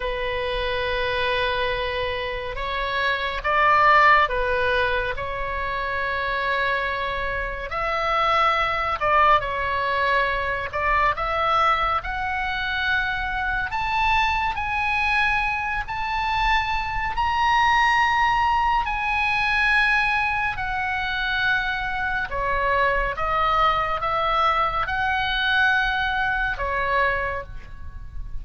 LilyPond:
\new Staff \with { instrumentName = "oboe" } { \time 4/4 \tempo 4 = 70 b'2. cis''4 | d''4 b'4 cis''2~ | cis''4 e''4. d''8 cis''4~ | cis''8 d''8 e''4 fis''2 |
a''4 gis''4. a''4. | ais''2 gis''2 | fis''2 cis''4 dis''4 | e''4 fis''2 cis''4 | }